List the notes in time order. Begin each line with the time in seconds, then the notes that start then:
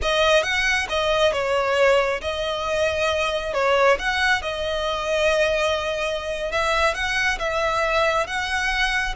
0.02 D#5
0.43 F#5
0.89 D#5
1.32 C#5
2.21 D#5
3.53 C#5
3.98 F#5
4.42 D#5
6.51 E5
6.94 F#5
7.38 E5
8.26 F#5